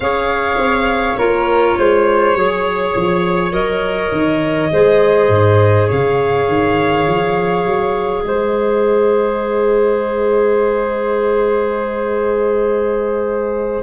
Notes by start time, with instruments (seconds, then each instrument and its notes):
0.00 tuba C#4, clarinet G#4, flute C#5, violin F5
0.57 tuba C4
1.17 tuba A#3, clarinet F4, flute A#4, violin C#5
1.77 tuba G#3, flute C5
2.35 tuba F#3, clarinet G#4, flute C#5
2.95 tuba F3
3.51 tuba F#3, clarinet A#4, violin D#5
4.11 tuba D#3
4.71 tuba G#3, clarinet G#4, flute C5
5.28 tuba G#2
5.87 tuba C#3, flute C#5, violin F5
6.48 tuba D#3
7.07 tuba F3
7.64 tuba F#3
8.24 tuba G#3, flute C5, violin D#5